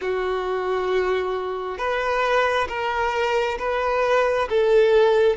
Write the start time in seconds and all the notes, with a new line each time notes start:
0.01 F#4
1.78 B4
2.68 A#4
3.58 B4
4.49 A4